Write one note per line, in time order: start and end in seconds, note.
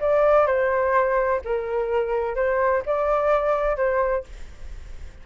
0.00 0.46 D5
0.46 1.41 C5
1.44 2.35 A#4
2.35 2.83 C5
2.86 3.76 D5
3.76 4.23 C5